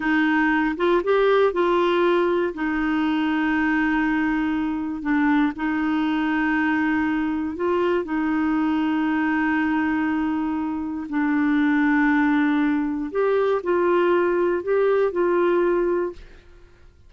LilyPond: \new Staff \with { instrumentName = "clarinet" } { \time 4/4 \tempo 4 = 119 dis'4. f'8 g'4 f'4~ | f'4 dis'2.~ | dis'2 d'4 dis'4~ | dis'2. f'4 |
dis'1~ | dis'2 d'2~ | d'2 g'4 f'4~ | f'4 g'4 f'2 | }